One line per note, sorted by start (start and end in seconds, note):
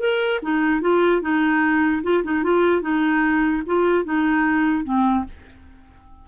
0.00 0.41 A#4
0.43 0.81 D#4
0.81 1.22 F4
1.22 2.03 D#4
2.03 2.24 F4
2.24 2.44 D#4
2.44 2.82 F4
2.82 3.63 D#4
3.66 4.05 F4
4.05 4.84 D#4
4.84 5.25 C4